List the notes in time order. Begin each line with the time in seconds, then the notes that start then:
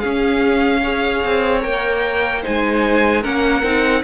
0.00 C#4 G#4 F5
0.82 G#4 C#5
1.25 C4
1.62 A#3 A#4 G5
2.42 G#3 D#4 C5 G#5
3.22 A#3 C#4 A#4 F#5
3.64 C4 D#4